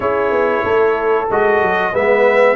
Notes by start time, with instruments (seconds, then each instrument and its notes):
0.00 tuba C#4, trombone E4, horn G#4, trumpet C#5
0.30 tuba B3
0.64 tuba A3, horn A4
1.30 tuba G#3, trombone F#4, trumpet D#5
1.61 tuba F#3
1.92 tuba G#3, trombone B3, horn B4, trumpet E5